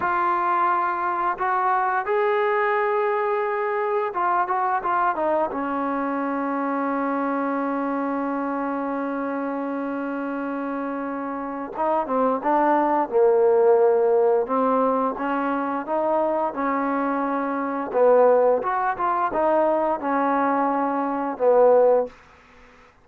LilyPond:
\new Staff \with { instrumentName = "trombone" } { \time 4/4 \tempo 4 = 87 f'2 fis'4 gis'4~ | gis'2 f'8 fis'8 f'8 dis'8 | cis'1~ | cis'1~ |
cis'4 dis'8 c'8 d'4 ais4~ | ais4 c'4 cis'4 dis'4 | cis'2 b4 fis'8 f'8 | dis'4 cis'2 b4 | }